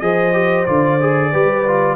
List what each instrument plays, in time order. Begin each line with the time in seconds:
0.00 tuba F3, trombone G#4, horn C5, trumpet D#5
0.33 trombone G4
0.66 tuba D3, trombone F4, trumpet D5
1.00 trombone G#4
1.31 tuba G3, trombone G4, horn B4
1.67 trombone F4